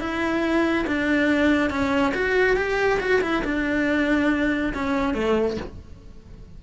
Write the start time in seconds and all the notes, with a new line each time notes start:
0.00 E4
0.87 D4
1.70 C#4
2.14 F#4
2.56 G4
3.00 F#4
3.22 E4
3.45 D4
4.74 C#4
5.14 A3